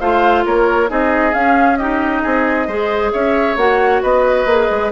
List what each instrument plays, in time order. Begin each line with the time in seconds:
0.00 bassoon A3, clarinet F4, oboe C5, flute F5
0.45 bassoon A#3, oboe A#4, flute C#5
0.88 bassoon C4, clarinet D#4, oboe G#4, flute D#5
1.32 clarinet C#4, bassoon C#4, flute F5
1.76 clarinet D#4, oboe G4, flute D#5
2.23 bassoon C4, oboe G#4
2.67 bassoon G#3, clarinet G#4, oboe C5
3.12 bassoon C#4, oboe C#5, flute E5
3.57 bassoon A#3, clarinet F#4, flute F#5
4.02 bassoon B3, oboe B4, flute D#5
4.46 bassoon A#3, clarinet G#4
4.71 bassoon G#3